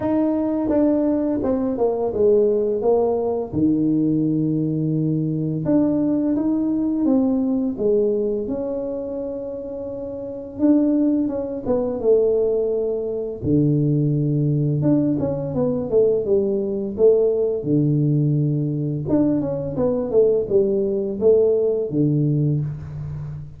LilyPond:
\new Staff \with { instrumentName = "tuba" } { \time 4/4 \tempo 4 = 85 dis'4 d'4 c'8 ais8 gis4 | ais4 dis2. | d'4 dis'4 c'4 gis4 | cis'2. d'4 |
cis'8 b8 a2 d4~ | d4 d'8 cis'8 b8 a8 g4 | a4 d2 d'8 cis'8 | b8 a8 g4 a4 d4 | }